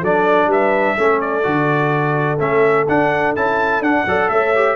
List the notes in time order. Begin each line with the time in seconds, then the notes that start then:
0.00 F#3 D4 A4 D5
0.46 G3 B4 E5
0.97 A3 C#4 A4
1.20 D5
1.43 D3 F#4
2.39 A3 C#4 E5
2.88 D4 F#5
3.35 C#4 E4 A5
3.80 D4 F#5
4.06 F#3 A4 D5
4.29 A3 C#5 E5
4.55 G4